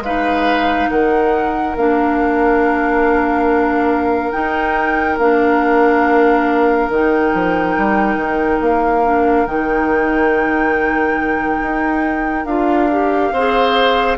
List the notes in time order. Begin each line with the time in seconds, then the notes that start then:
0.00 G#3 D#4 B4 F5
0.90 D#3 A#4 F#5
1.76 A#3 D4 F5
4.31 D#4 G5
5.17 A#3 D4 F5
6.89 D#3 D#4 G5
7.34 F3
7.77 G3
8.16 D#3
8.61 A#3 F5
9.04 D4
9.46 D#3 D#4 G5
11.62 D#4
12.45 D4 F4 F5
12.91 G4
13.32 C4 G#4 C5